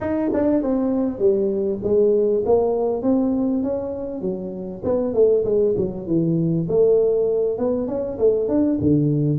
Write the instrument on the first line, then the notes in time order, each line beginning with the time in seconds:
tuba
0.00 D#4
0.33 D4
0.62 C4
1.18 G3
1.83 G#3
2.45 A#3
3.02 C4
3.63 C#4
4.21 F#3
4.84 B3
5.14 A3
5.44 G#3
5.77 F#3
6.06 E3
6.68 A3
7.58 B3
7.87 C#4
8.18 A3
8.48 D4
8.80 D3